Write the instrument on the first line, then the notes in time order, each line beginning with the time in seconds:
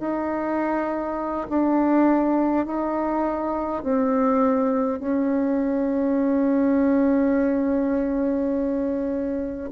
bassoon
0.00 D#4
1.49 D4
2.66 D#4
3.83 C4
4.99 C#4